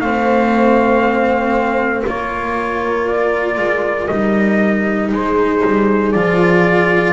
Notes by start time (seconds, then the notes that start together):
0.00 A3 C4 C5 F5
2.07 A#3 F4 A#4 C#5
3.08 D5
3.58 G#3
4.07 G3 D#4 D#5
5.12 G#3 G#4 C5
5.65 G3
6.12 F3 F4 D5